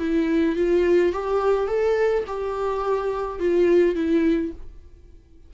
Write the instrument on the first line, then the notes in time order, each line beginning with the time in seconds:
viola
0.00 E4
0.56 F4
1.13 G4
1.68 A4
2.27 G4
3.40 F4
3.95 E4